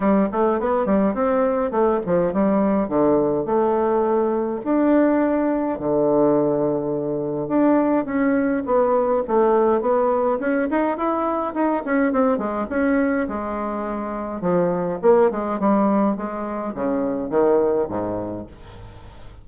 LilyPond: \new Staff \with { instrumentName = "bassoon" } { \time 4/4 \tempo 4 = 104 g8 a8 b8 g8 c'4 a8 f8 | g4 d4 a2 | d'2 d2~ | d4 d'4 cis'4 b4 |
a4 b4 cis'8 dis'8 e'4 | dis'8 cis'8 c'8 gis8 cis'4 gis4~ | gis4 f4 ais8 gis8 g4 | gis4 cis4 dis4 gis,4 | }